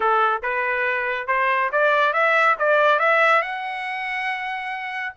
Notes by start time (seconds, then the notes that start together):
0.00 A4
0.42 B4
1.27 C5
1.72 D5
2.13 E5
2.58 D5
2.99 E5
3.42 F#5